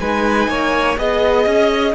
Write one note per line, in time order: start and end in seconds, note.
0.00 0.48 G#3
0.00 0.97 D#4
0.00 0.50 B4
0.00 0.98 G#5
0.48 0.97 A#3
0.48 0.99 C#5
0.97 1.46 B3
0.97 1.95 G#4
0.97 1.95 D#5
1.46 1.95 C#4